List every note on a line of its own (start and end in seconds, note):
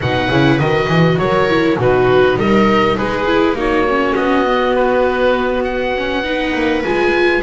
0.00 0.29 B2
0.00 0.31 D#4
0.00 1.19 B4
0.00 0.59 F#5
0.29 0.59 C#3
0.29 0.60 E4
0.59 0.87 D#3
0.59 1.49 F#4
0.59 1.18 D#5
0.87 1.17 E3
1.18 1.77 F#3
1.18 1.79 A#4
1.18 1.77 C#5
1.49 1.78 E4
1.78 2.36 B2
1.78 3.26 D#4
1.78 2.38 F#4
1.78 2.39 B4
2.36 2.96 G3
2.36 2.97 A#4
2.36 2.97 D#5
2.97 3.53 G#3
2.97 3.56 G#4
2.97 3.56 B4
3.26 3.55 E4
3.53 4.13 A#3
3.53 3.85 D#4
3.53 6.23 F#4
3.59 4.15 C#5
3.88 4.46 C#4
4.15 6.53 B3
4.15 4.75 D#5
4.46 5.94 B3
4.75 5.64 B4
5.64 6.82 F#5
5.97 6.23 C#4
6.23 6.82 D#4
6.23 7.42 B4
6.54 6.84 A#3
6.83 7.42 G#3
6.83 7.42 F4
6.83 7.42 G#5